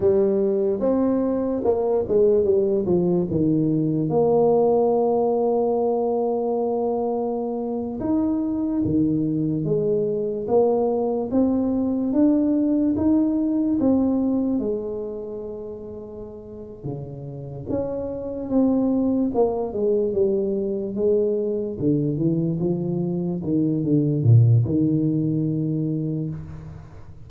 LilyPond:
\new Staff \with { instrumentName = "tuba" } { \time 4/4 \tempo 4 = 73 g4 c'4 ais8 gis8 g8 f8 | dis4 ais2.~ | ais4.~ ais16 dis'4 dis4 gis16~ | gis8. ais4 c'4 d'4 dis'16~ |
dis'8. c'4 gis2~ gis16~ | gis8 cis4 cis'4 c'4 ais8 | gis8 g4 gis4 d8 e8 f8~ | f8 dis8 d8 ais,8 dis2 | }